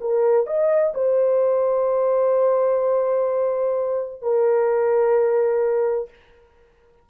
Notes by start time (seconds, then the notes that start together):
0.00 A#4
0.46 D#5
0.94 C5
4.21 A#4